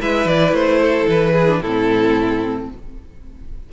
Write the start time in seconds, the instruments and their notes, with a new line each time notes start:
0.00 cello G#3, viola E4, violin B4 E5
0.26 cello E3, violin D5
0.53 cello A3, violin C5
0.82 violin A4
1.08 cello E3, violin B4
1.33 violin G#4
1.48 viola D4
1.61 cello A2, viola C4, violin E4 A4